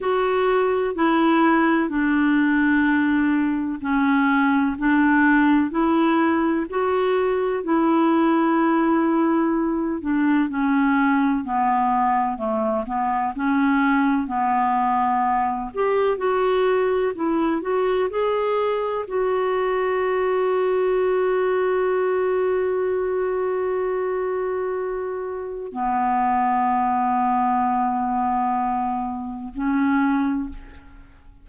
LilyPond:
\new Staff \with { instrumentName = "clarinet" } { \time 4/4 \tempo 4 = 63 fis'4 e'4 d'2 | cis'4 d'4 e'4 fis'4 | e'2~ e'8 d'8 cis'4 | b4 a8 b8 cis'4 b4~ |
b8 g'8 fis'4 e'8 fis'8 gis'4 | fis'1~ | fis'2. b4~ | b2. cis'4 | }